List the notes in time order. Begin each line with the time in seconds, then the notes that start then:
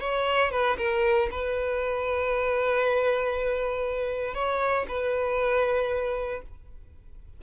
0.00 C#5
0.51 B4
0.78 A#4
1.31 B4
4.34 C#5
4.88 B4